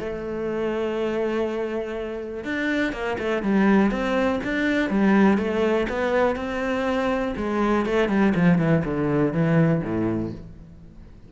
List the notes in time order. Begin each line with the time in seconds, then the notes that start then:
0.00 A3
2.45 D4
2.93 A#3
3.19 A3
3.43 G3
3.91 C4
4.44 D4
4.90 G3
5.39 A3
5.89 B3
6.36 C4
7.37 G#3
7.86 A3
8.09 G3
8.35 F3
8.59 E3
8.85 D3
9.33 E3
9.84 A2